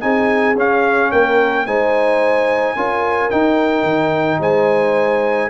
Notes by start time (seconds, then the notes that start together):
0.00 C4 D#4 G#4 G#5
0.55 C#4 F5
1.11 A#3 A#4 G5
1.66 G#3 D#4 C5 G#5
2.75 C#4 F4 A#4
3.30 D#4 G5
3.83 D#3
4.40 G#3 C5 G#5